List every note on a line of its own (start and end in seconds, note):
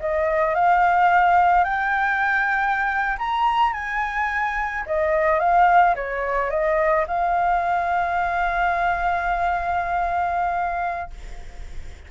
0.00 0.55 D#5
0.55 1.64 F5
1.64 3.17 G5
3.18 3.73 A#5
3.73 4.84 G#5
4.86 5.39 D#5
5.39 5.95 F5
5.95 6.50 C#5
6.50 7.06 D#5
7.08 11.10 F5